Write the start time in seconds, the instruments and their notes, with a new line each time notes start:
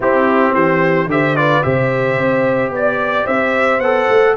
0.00 tuba C4, trombone C4, horn E4, trumpet G4
0.53 tuba E3, horn G4, trumpet C5
1.07 tuba D3, trombone G4, horn C5, trumpet E5
1.36 trombone F4, horn B4, trumpet D5
1.62 tuba C3, trombone G4, horn C5, trumpet E5
2.17 tuba C4
2.70 tuba B3, horn D5, trumpet D5
3.24 tuba C4, horn C5, trumpet E5
3.79 tuba B3, trombone A4, trumpet F#5
4.09 tuba A3